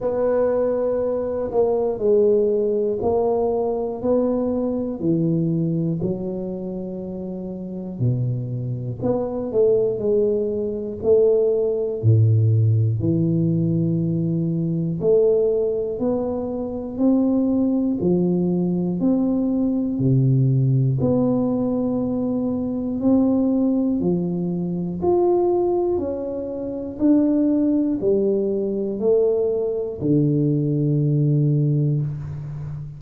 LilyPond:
\new Staff \with { instrumentName = "tuba" } { \time 4/4 \tempo 4 = 60 b4. ais8 gis4 ais4 | b4 e4 fis2 | b,4 b8 a8 gis4 a4 | a,4 e2 a4 |
b4 c'4 f4 c'4 | c4 b2 c'4 | f4 f'4 cis'4 d'4 | g4 a4 d2 | }